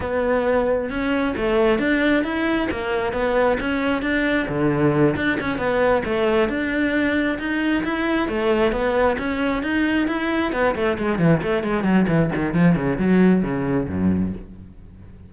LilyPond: \new Staff \with { instrumentName = "cello" } { \time 4/4 \tempo 4 = 134 b2 cis'4 a4 | d'4 e'4 ais4 b4 | cis'4 d'4 d4. d'8 | cis'8 b4 a4 d'4.~ |
d'8 dis'4 e'4 a4 b8~ | b8 cis'4 dis'4 e'4 b8 | a8 gis8 e8 a8 gis8 fis8 e8 dis8 | f8 cis8 fis4 cis4 fis,4 | }